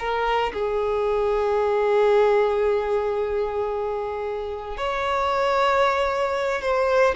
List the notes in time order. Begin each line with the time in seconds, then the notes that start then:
0.00 A#4
0.54 G#4
4.78 C#5
6.62 C5